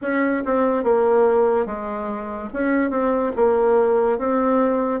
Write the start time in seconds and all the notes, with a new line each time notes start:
0.01 C#4
0.45 C4
0.83 A#3
1.66 G#3
2.53 C#4
2.90 C4
3.36 A#3
4.18 C4